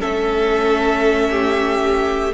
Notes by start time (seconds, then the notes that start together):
0.00 A3 C#4 A4 E5
1.30 G4